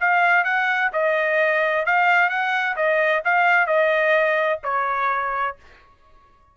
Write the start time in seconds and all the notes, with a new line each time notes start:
0.00 F5
0.44 F#5
0.93 D#5
1.86 F5
2.29 F#5
2.76 D#5
3.25 F5
3.67 D#5
4.64 C#5